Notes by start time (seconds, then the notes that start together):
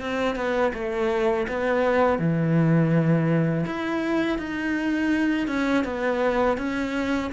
0.00 C4
0.36 B3
0.74 A3
1.48 B3
2.19 E3
3.66 E4
4.38 D#4
5.47 C#4
5.84 B3
6.57 C#4